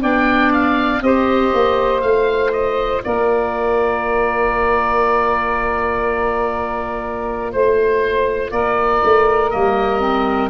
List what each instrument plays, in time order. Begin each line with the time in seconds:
0.00 tuba B3, clarinet D4, saxophone D5, oboe G5
0.53 oboe F5
1.01 tuba C4, clarinet G4, saxophone C5, oboe D#5
1.53 tuba A#3
2.01 tuba A3, clarinet F4, oboe F5
2.52 oboe D#5
3.03 tuba A#3, saxophone A#4, oboe D5
7.52 tuba A3, oboe C5, saxophone C5
8.51 tuba A#3, saxophone A#4, oboe D5
9.04 tuba A3
9.50 tuba G3, clarinet A#3, oboe D#5
10.00 clarinet C4